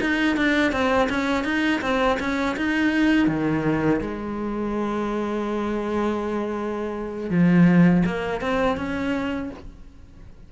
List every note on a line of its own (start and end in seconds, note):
0.00 0.36 D#4
0.36 0.72 D4
0.72 1.08 C4
1.09 1.44 C#4
1.44 1.81 D#4
1.81 2.18 C4
2.20 2.56 C#4
2.56 3.27 D#4
3.27 4.00 D#3
4.01 7.30 G#3
7.30 8.03 F3
8.06 8.41 A#3
8.41 8.77 C4
8.77 9.50 C#4